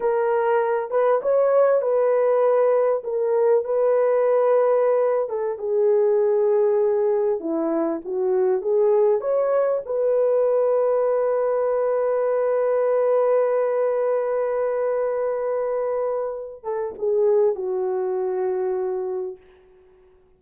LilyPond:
\new Staff \with { instrumentName = "horn" } { \time 4/4 \tempo 4 = 99 ais'4. b'8 cis''4 b'4~ | b'4 ais'4 b'2~ | b'8. a'8 gis'2~ gis'8.~ | gis'16 e'4 fis'4 gis'4 cis''8.~ |
cis''16 b'2.~ b'8.~ | b'1~ | b'2.~ b'8 a'8 | gis'4 fis'2. | }